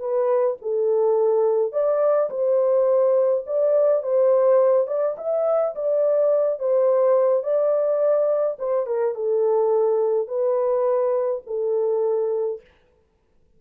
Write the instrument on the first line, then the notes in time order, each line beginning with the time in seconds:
horn
0.00 B4
0.62 A4
1.73 D5
2.30 C5
3.46 D5
4.03 C5
4.88 D5
5.18 E5
5.76 D5
6.59 C5
7.43 D5
8.59 C5
8.86 A#4
9.15 A4
10.28 B4
11.46 A4